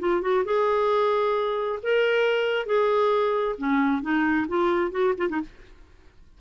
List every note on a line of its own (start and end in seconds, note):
0.00 0.22 F4
0.22 0.44 F#4
0.45 1.80 G#4
1.83 2.66 A#4
2.66 3.56 G#4
3.58 4.02 C#4
4.02 4.47 D#4
4.48 4.92 F4
4.92 5.14 F#4
5.18 5.29 F4
5.29 5.41 D#4